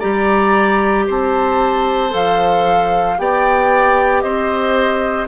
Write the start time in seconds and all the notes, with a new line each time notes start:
0.00 G3 G4 D5 A#5
1.07 C4 C5 A5
2.11 F3 A4 F5
3.18 B3 G4 D5 G5
4.22 C4 C5 D#5